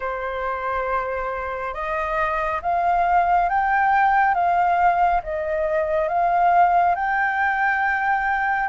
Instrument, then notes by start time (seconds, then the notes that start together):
flute
0.00 C5
1.74 D#5
2.62 F5
3.49 G5
4.34 F5
5.23 D#5
6.08 F5
6.95 G5